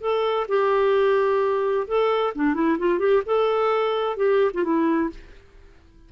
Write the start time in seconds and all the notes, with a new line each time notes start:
0.00 A4
0.48 G4
1.87 A4
2.35 D4
2.54 E4
2.78 F4
2.99 G4
3.25 A4
4.16 G4
4.54 F4
4.63 E4